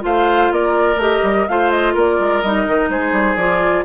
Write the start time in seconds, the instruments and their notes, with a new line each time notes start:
0.00 bassoon A3, clarinet F4, oboe C5, flute F5
0.51 bassoon A#3, oboe A#4, flute D5
0.96 bassoon A3, clarinet G4, flute D#5
1.23 bassoon G3
1.48 bassoon A3, clarinet F4, oboe C5, flute F5
1.71 flute D#5
1.94 bassoon A#3, oboe A#4, flute D5
2.19 bassoon G#3
2.41 bassoon G3, clarinet D#4, flute D#5
2.66 bassoon D#3
2.89 bassoon G#3, oboe G#4, flute C5
3.12 bassoon G3
3.36 bassoon F3, clarinet F4, flute D5